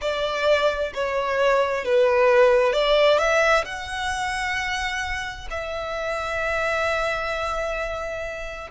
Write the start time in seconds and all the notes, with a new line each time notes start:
0.01 D5
0.94 C#5
1.84 B4
2.72 D5
3.18 E5
3.65 F#5
5.50 E5